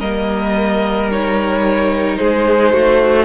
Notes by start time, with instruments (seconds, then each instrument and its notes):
0.00 cello G3, viola A#3, violin A#4 D#5
1.11 viola D#4, violin C#5
2.17 cello G#3, violin G#4 C5
2.73 cello A3, violin F#4